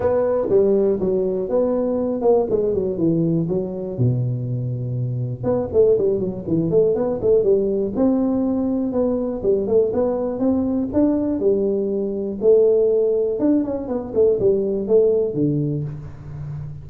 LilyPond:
\new Staff \with { instrumentName = "tuba" } { \time 4/4 \tempo 4 = 121 b4 g4 fis4 b4~ | b8 ais8 gis8 fis8 e4 fis4 | b,2. b8 a8 | g8 fis8 e8 a8 b8 a8 g4 |
c'2 b4 g8 a8 | b4 c'4 d'4 g4~ | g4 a2 d'8 cis'8 | b8 a8 g4 a4 d4 | }